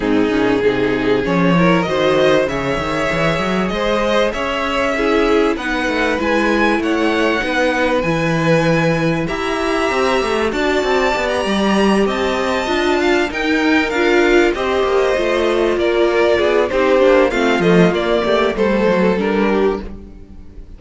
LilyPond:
<<
  \new Staff \with { instrumentName = "violin" } { \time 4/4 \tempo 4 = 97 gis'2 cis''4 dis''4 | e''2 dis''4 e''4~ | e''4 fis''4 gis''4 fis''4~ | fis''4 gis''2 ais''4~ |
ais''4 a''4~ a''16 ais''4~ ais''16 a''8~ | a''4. g''4 f''4 dis''8~ | dis''4. d''4. c''4 | f''8 dis''8 d''4 c''4 ais'4 | }
  \new Staff \with { instrumentName = "violin" } { \time 4/4 dis'4 gis'4. ais'8 c''4 | cis''2 c''4 cis''4 | gis'4 b'2 cis''4 | b'2. e''4~ |
e''4 d''2~ d''8 dis''8~ | dis''4 f''8 ais'2 c''8~ | c''4. ais'4 gis'8 g'4 | f'4. g'8 a'4. g'8 | }
  \new Staff \with { instrumentName = "viola" } { \time 4/4 c'8 cis'8 dis'4 cis'8 e'8 fis'4 | gis'1 | e'4 dis'4 e'2 | dis'4 e'2 g'4~ |
g'4 fis'4 g'2~ | g'8 f'4 dis'4 f'4 g'8~ | g'8 f'2~ f'8 dis'8 d'8 | c'8 a8 ais4 a4 d'4 | }
  \new Staff \with { instrumentName = "cello" } { \time 4/4 gis,8 ais,8 c4 f4 dis4 | cis8 dis8 e8 fis8 gis4 cis'4~ | cis'4 b8 a8 gis4 a4 | b4 e2 e'4 |
c'8 a8 d'8 c'8 b8 g4 c'8~ | c'8 d'4 dis'4 d'4 c'8 | ais8 a4 ais4 b8 c'8 ais8 | a8 f8 ais8 a8 g8 fis8 g4 | }
>>